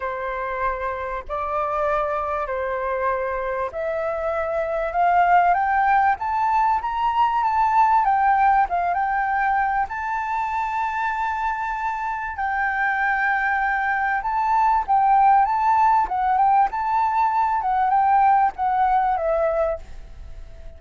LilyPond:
\new Staff \with { instrumentName = "flute" } { \time 4/4 \tempo 4 = 97 c''2 d''2 | c''2 e''2 | f''4 g''4 a''4 ais''4 | a''4 g''4 f''8 g''4. |
a''1 | g''2. a''4 | g''4 a''4 fis''8 g''8 a''4~ | a''8 fis''8 g''4 fis''4 e''4 | }